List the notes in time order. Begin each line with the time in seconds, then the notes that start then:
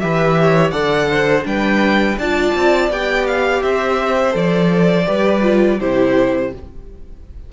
0.00 E3 G4 B4 E5
0.42 C#5
0.71 D3 A4 D5 F#5
1.11 C5
1.43 G3 D4 B4 G5
2.18 D4 F4 D5 A5
2.55 C4
2.90 B3 G4 G5
3.27 F5
3.63 C4 C5 E5
4.31 F3 A4 D5
5.07 G3 G4 B4
5.42 F4
5.79 C3 E4 G4 C5